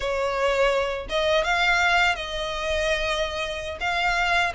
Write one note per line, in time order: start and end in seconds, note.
0.00 1.06 C#5
1.09 1.44 D#5
1.44 2.15 F5
2.15 3.78 D#5
3.80 4.52 F5